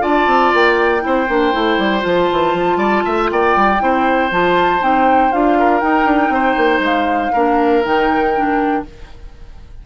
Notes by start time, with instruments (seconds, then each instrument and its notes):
0.00 bassoon D4, clarinet F4, oboe D5, flute A5
0.27 bassoon C4
0.53 bassoon A#3, flute G5
1.00 bassoon C4, clarinet E4
1.06 oboe C5
1.29 bassoon A#3, clarinet D4
1.52 bassoon A3, clarinet E4
1.78 bassoon G3
2.00 bassoon F3, clarinet F4, flute A5
2.31 bassoon E3
2.54 bassoon F3
2.77 bassoon G3, oboe D5
3.05 bassoon A3, oboe E5
3.31 bassoon A#3, oboe D5, flute G5
3.56 bassoon G3
3.80 bassoon C4, clarinet E4, oboe C5
4.31 bassoon F3, clarinet F4, flute A5
4.80 bassoon C4, clarinet D#4, flute G5
5.32 bassoon D4, clarinet F4, flute F5
5.59 oboe A#4
5.80 clarinet D#4, bassoon D#4, flute G5
6.05 bassoon D4
6.29 bassoon C4, oboe C5
6.57 bassoon A#3
6.79 bassoon G#3, flute F5
7.32 bassoon A#3, clarinet D4, oboe A#4
7.83 bassoon D#3, clarinet D#4, flute G5
8.35 clarinet D4